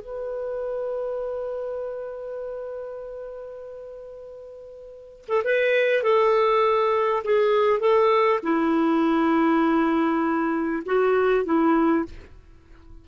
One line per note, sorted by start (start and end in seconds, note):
0.00 5.25 B4
5.28 5.43 A4
5.44 6.03 B4
6.03 7.23 A4
7.24 7.79 G#4
7.79 8.39 A4
8.43 10.83 E4
10.86 11.45 F#4
11.45 12.05 E4